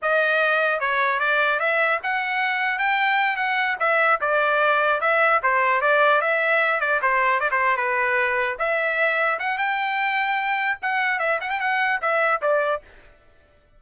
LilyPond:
\new Staff \with { instrumentName = "trumpet" } { \time 4/4 \tempo 4 = 150 dis''2 cis''4 d''4 | e''4 fis''2 g''4~ | g''8 fis''4 e''4 d''4.~ | d''8 e''4 c''4 d''4 e''8~ |
e''4 d''8 c''4 d''16 c''8. b'8~ | b'4. e''2 fis''8 | g''2. fis''4 | e''8 fis''16 g''16 fis''4 e''4 d''4 | }